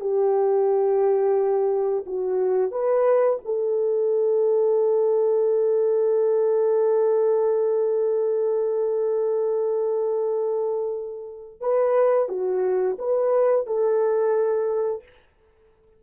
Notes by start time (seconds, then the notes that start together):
0.00 G4
2.06 F#4
2.71 B4
3.45 A4
11.61 B4
12.29 F#4
12.99 B4
13.67 A4